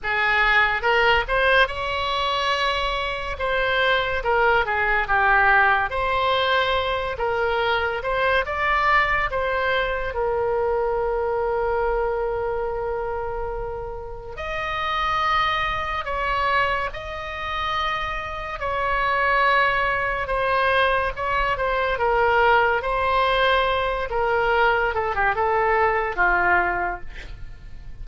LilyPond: \new Staff \with { instrumentName = "oboe" } { \time 4/4 \tempo 4 = 71 gis'4 ais'8 c''8 cis''2 | c''4 ais'8 gis'8 g'4 c''4~ | c''8 ais'4 c''8 d''4 c''4 | ais'1~ |
ais'4 dis''2 cis''4 | dis''2 cis''2 | c''4 cis''8 c''8 ais'4 c''4~ | c''8 ais'4 a'16 g'16 a'4 f'4 | }